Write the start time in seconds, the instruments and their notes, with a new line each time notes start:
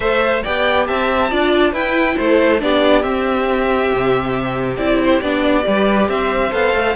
0.00 cello A3, viola A4, violin C5 E5
0.43 cello B3, viola G4, violin D5 G5
0.86 cello C4, violin E5 A5
1.30 cello D4, viola F4, violin D5
1.72 cello E4, viola E4, violin B4 G5
2.16 cello A3, violin A4 C5
2.59 cello B3, viola D4, violin G4 D5
3.02 viola C4, cello C4, violin E5
3.92 cello C3
4.77 cello C4, viola E4, violin D5
5.04 violin C5
5.21 cello B3, viola D4, violin D5
5.63 cello G3, viola G4, violin B4
6.08 cello C4, violin C5 E5
6.51 cello B3, viola A4, violin F5
6.73 cello A3